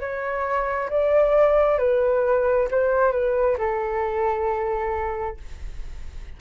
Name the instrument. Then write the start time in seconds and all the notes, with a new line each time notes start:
flute
0.00 C#5
0.90 D5
1.78 B4
2.71 C5
3.12 B4
3.58 A4